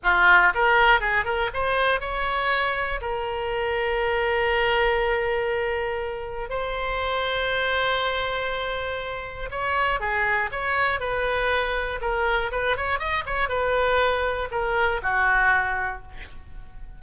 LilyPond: \new Staff \with { instrumentName = "oboe" } { \time 4/4 \tempo 4 = 120 f'4 ais'4 gis'8 ais'8 c''4 | cis''2 ais'2~ | ais'1~ | ais'4 c''2.~ |
c''2. cis''4 | gis'4 cis''4 b'2 | ais'4 b'8 cis''8 dis''8 cis''8 b'4~ | b'4 ais'4 fis'2 | }